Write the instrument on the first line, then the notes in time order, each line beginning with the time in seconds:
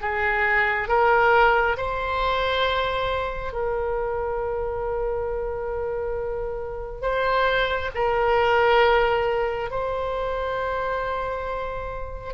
oboe
0.00 G#4
0.88 A#4
1.76 C5
3.52 A#4
7.01 C5
7.95 A#4
9.70 C5